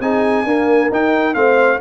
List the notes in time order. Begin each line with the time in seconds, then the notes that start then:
0.00 C4 D#4 G#4 G#5
0.45 A#3 D4 A#4
0.91 D#4 G5
1.34 A3 C4 C5 F5